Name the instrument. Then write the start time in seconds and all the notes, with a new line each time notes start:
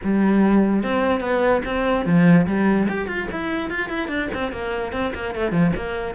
cello
0.03 G3
0.83 C4
1.20 B3
1.65 C4
2.05 F3
2.46 G3
2.88 G4
3.07 F4
3.31 E4
3.69 F4
3.89 E4
4.08 D4
4.34 C4
4.51 A#3
4.92 C4
5.14 A#3
5.34 A3
5.51 F3
5.76 A#3